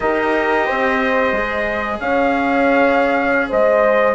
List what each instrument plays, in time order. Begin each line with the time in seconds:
0.00 bassoon D#4, cello G4, horn A#4, trumpet D#5
0.65 bassoon C4, horn C5
1.32 bassoon G#3, cello G#4
1.99 bassoon C#4, horn C#5, trumpet F5
3.49 bassoon G#3, horn C5, trumpet D#5